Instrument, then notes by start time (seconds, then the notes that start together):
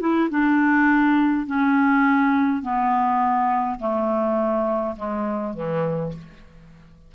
clarinet
0.00 E4
0.30 D4
1.46 C#4
2.62 B3
3.79 A3
4.96 G#3
5.54 E3